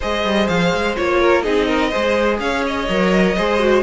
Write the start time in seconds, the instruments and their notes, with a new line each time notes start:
0.00 cello G#3, viola G#4, violin C5 D#5
0.24 cello G3
0.47 cello F3, violin F5
0.72 cello G#3
0.96 cello A#3, viola F4, violin C#5
1.19 violin A#4
1.42 cello C4, viola D#4, violin G#4 D#5
1.67 violin A#4
1.89 cello G#3, viola G#4, violin C5
2.39 cello C#4, violin C#5 F5
2.66 violin D#5
2.88 cello F#3, viola A#4
3.36 cello G#3, viola G#4, violin C5
3.59 viola F#4